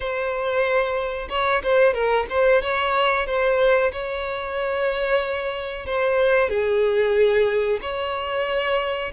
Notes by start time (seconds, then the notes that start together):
0.00 C5
1.29 C#5
1.63 C5
1.93 A#4
2.29 C5
2.62 C#5
3.26 C5
3.92 C#5
5.85 C5
6.49 G#4
7.81 C#5